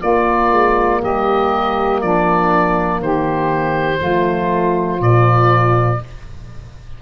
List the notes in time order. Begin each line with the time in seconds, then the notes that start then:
0.00 A#3 F4 D5
0.51 G#3
1.01 G3 G4 D#5
2.01 F3 D4 D5
2.99 D#3 G4 C5
3.98 F3 A3 F4
5.00 A#2 F3 D5